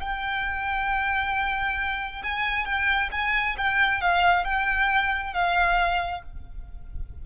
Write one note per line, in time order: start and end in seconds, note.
0.00 2.22 G5
2.23 2.65 G#5
2.65 3.09 G5
3.11 3.56 G#5
3.57 4.01 G5
4.01 4.44 F5
4.44 5.33 G5
5.33 6.22 F5